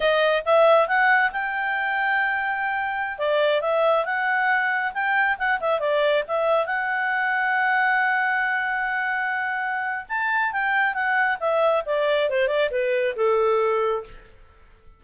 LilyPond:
\new Staff \with { instrumentName = "clarinet" } { \time 4/4 \tempo 4 = 137 dis''4 e''4 fis''4 g''4~ | g''2.~ g''16 d''8.~ | d''16 e''4 fis''2 g''8.~ | g''16 fis''8 e''8 d''4 e''4 fis''8.~ |
fis''1~ | fis''2. a''4 | g''4 fis''4 e''4 d''4 | c''8 d''8 b'4 a'2 | }